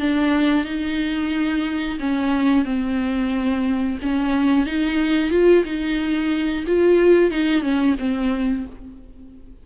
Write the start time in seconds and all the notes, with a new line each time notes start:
0.00 D4
0.65 D#4
1.99 C#4
2.65 C4
4.02 C#4
4.66 D#4
5.31 F4
5.65 D#4
6.67 F4
7.31 D#4
7.62 C#4
7.99 C4